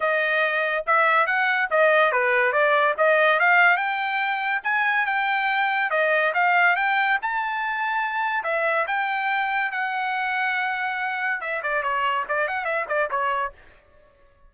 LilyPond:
\new Staff \with { instrumentName = "trumpet" } { \time 4/4 \tempo 4 = 142 dis''2 e''4 fis''4 | dis''4 b'4 d''4 dis''4 | f''4 g''2 gis''4 | g''2 dis''4 f''4 |
g''4 a''2. | e''4 g''2 fis''4~ | fis''2. e''8 d''8 | cis''4 d''8 fis''8 e''8 d''8 cis''4 | }